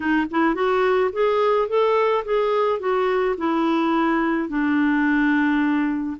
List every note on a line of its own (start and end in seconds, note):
0.00 0.26 D#4
0.30 0.55 E4
0.55 1.11 F#4
1.12 1.68 G#4
1.68 2.24 A4
2.24 2.79 G#4
2.79 3.35 F#4
3.37 4.48 E4
4.48 6.17 D4